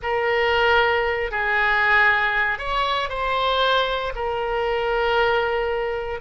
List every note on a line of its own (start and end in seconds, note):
0.02 1.31 A#4
1.31 2.58 G#4
2.58 3.09 C#5
3.09 4.12 C5
4.15 6.20 A#4